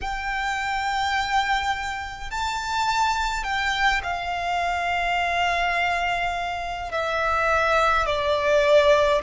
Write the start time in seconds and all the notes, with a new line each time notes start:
0.01 G5
2.31 A5
3.43 G5
4.03 F5
6.91 E5
8.06 D5